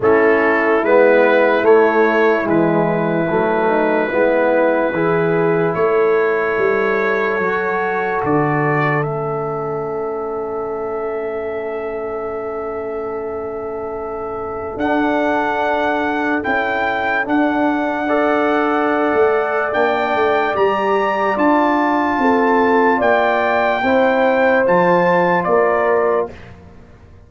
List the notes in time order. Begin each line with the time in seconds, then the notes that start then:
0.00 A3 C#4 E4 A4
0.82 G#3 B3 B4
1.62 A3 C#5
2.42 E3 G#3
2.49 B4
3.29 F#3 A3
3.67 D#4
4.11 G#3 B3 E4
4.91 E3 E4 G#4
5.74 A3 A4 C#5
6.58 G3
7.39 F#3 F#4
8.23 D3 D5
9.03 A3 C#4 E5
14.76 D4 F#5
16.42 C#4 E4 G5
17.24 D4 F#5
18.07 A4 D5
19.13 A3
19.72 A#3 D4 G5
20.14 A3
20.53 G3 G4 A#5
21.35 D4 F4 A5
22.18 C4 A4
22.98 A#3 D5 G5
23.83 C4 E4 C5
24.66 F3 F4 A5
25.43 A#3 A#4 D5